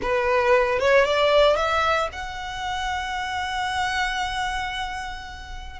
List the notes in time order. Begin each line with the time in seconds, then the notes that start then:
0.02 B4
0.79 C#5
1.05 D5
1.56 E5
2.12 F#5